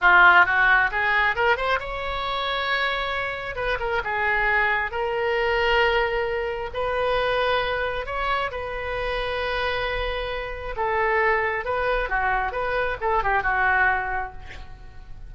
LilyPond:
\new Staff \with { instrumentName = "oboe" } { \time 4/4 \tempo 4 = 134 f'4 fis'4 gis'4 ais'8 c''8 | cis''1 | b'8 ais'8 gis'2 ais'4~ | ais'2. b'4~ |
b'2 cis''4 b'4~ | b'1 | a'2 b'4 fis'4 | b'4 a'8 g'8 fis'2 | }